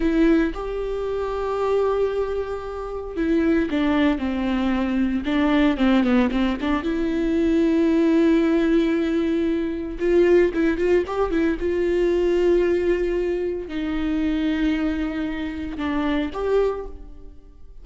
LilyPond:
\new Staff \with { instrumentName = "viola" } { \time 4/4 \tempo 4 = 114 e'4 g'2.~ | g'2 e'4 d'4 | c'2 d'4 c'8 b8 | c'8 d'8 e'2.~ |
e'2. f'4 | e'8 f'8 g'8 e'8 f'2~ | f'2 dis'2~ | dis'2 d'4 g'4 | }